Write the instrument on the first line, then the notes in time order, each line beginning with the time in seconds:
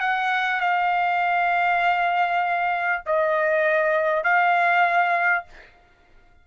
trumpet
0.00 F#5
0.61 F5
3.06 D#5
4.23 F5